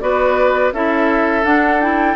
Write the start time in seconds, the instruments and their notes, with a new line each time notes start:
0.00 bassoon B3, clarinet F#4, oboe B4, flute D5
0.72 bassoon C#4, clarinet E4, oboe A4, flute E5
1.44 clarinet D4, bassoon D4, flute F#5
1.81 clarinet E4, flute G5